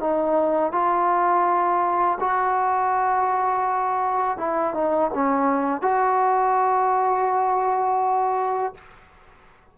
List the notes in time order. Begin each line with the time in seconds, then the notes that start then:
0.00 D#4
0.72 F4
2.20 F#4
4.38 E4
4.74 D#4
5.14 C#4
5.82 F#4